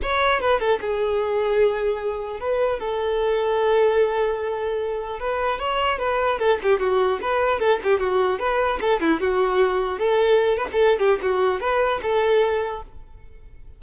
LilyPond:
\new Staff \with { instrumentName = "violin" } { \time 4/4 \tempo 4 = 150 cis''4 b'8 a'8 gis'2~ | gis'2 b'4 a'4~ | a'1~ | a'4 b'4 cis''4 b'4 |
a'8 g'8 fis'4 b'4 a'8 g'8 | fis'4 b'4 a'8 e'8 fis'4~ | fis'4 a'4. b'16 a'8. g'8 | fis'4 b'4 a'2 | }